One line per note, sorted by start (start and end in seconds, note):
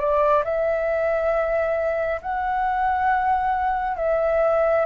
0.00 0.44 D5
0.45 2.21 E5
2.22 3.97 F#5
3.97 4.86 E5